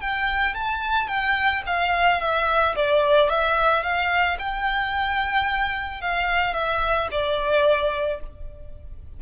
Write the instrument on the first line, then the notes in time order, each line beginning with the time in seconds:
violin
0.00 G5
0.54 A5
1.07 G5
1.66 F5
2.20 E5
2.75 D5
3.29 E5
3.83 F5
4.38 G5
6.01 F5
6.54 E5
7.11 D5